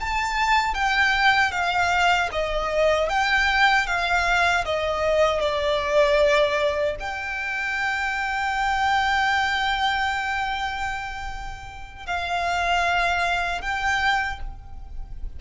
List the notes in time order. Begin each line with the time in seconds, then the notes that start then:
0.00 A5
0.74 G5
1.51 F5
2.32 D#5
3.09 G5
3.87 F5
4.65 D#5
5.40 D5
7.00 G5
12.06 F5
13.61 G5